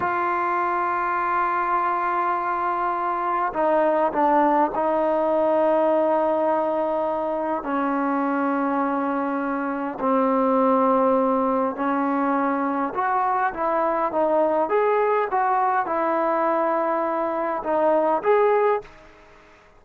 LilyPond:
\new Staff \with { instrumentName = "trombone" } { \time 4/4 \tempo 4 = 102 f'1~ | f'2 dis'4 d'4 | dis'1~ | dis'4 cis'2.~ |
cis'4 c'2. | cis'2 fis'4 e'4 | dis'4 gis'4 fis'4 e'4~ | e'2 dis'4 gis'4 | }